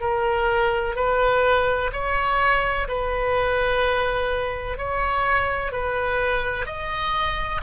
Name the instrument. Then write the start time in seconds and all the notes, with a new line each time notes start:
oboe
0.00 A#4
0.95 B4
1.92 C#5
2.88 B4
4.77 C#5
5.72 B4
6.66 D#5